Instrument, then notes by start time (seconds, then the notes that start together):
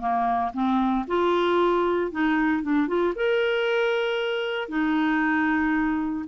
clarinet
0.00 A#3
0.54 C4
1.08 F4
2.12 D#4
2.63 D4
2.88 F4
3.15 A#4
4.69 D#4